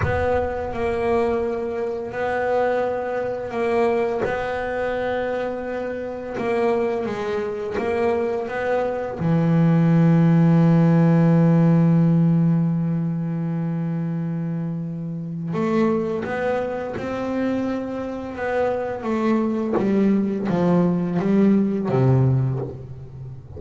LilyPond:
\new Staff \with { instrumentName = "double bass" } { \time 4/4 \tempo 4 = 85 b4 ais2 b4~ | b4 ais4 b2~ | b4 ais4 gis4 ais4 | b4 e2.~ |
e1~ | e2 a4 b4 | c'2 b4 a4 | g4 f4 g4 c4 | }